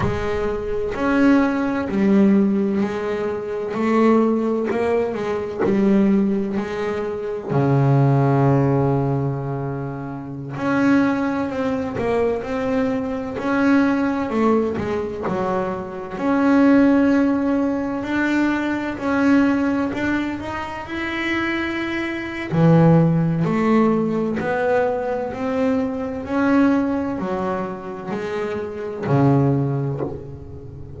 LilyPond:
\new Staff \with { instrumentName = "double bass" } { \time 4/4 \tempo 4 = 64 gis4 cis'4 g4 gis4 | a4 ais8 gis8 g4 gis4 | cis2.~ cis16 cis'8.~ | cis'16 c'8 ais8 c'4 cis'4 a8 gis16~ |
gis16 fis4 cis'2 d'8.~ | d'16 cis'4 d'8 dis'8 e'4.~ e'16 | e4 a4 b4 c'4 | cis'4 fis4 gis4 cis4 | }